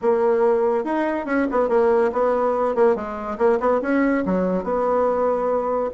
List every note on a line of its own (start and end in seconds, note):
0.01 0.84 A#3
0.84 1.25 D#4
1.25 1.46 C#4
1.51 1.68 B3
1.68 2.11 A#3
2.12 2.75 B3
2.75 2.95 A#3
2.95 3.37 G#3
3.37 3.59 A#3
3.59 3.80 B3
3.81 4.23 C#4
4.25 4.63 F#3
4.63 5.90 B3